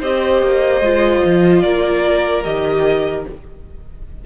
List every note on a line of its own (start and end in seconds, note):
0.00 0.42 C4
0.00 0.83 G4
0.00 1.62 C5
0.00 1.62 D#5
0.42 0.81 A#3
0.81 1.22 G#3
0.81 2.44 F4
1.25 1.64 F3
1.62 2.45 A#3
1.62 3.26 A#4
1.62 2.44 D5
2.44 3.26 D#3
2.44 3.25 G4
2.44 3.25 D#5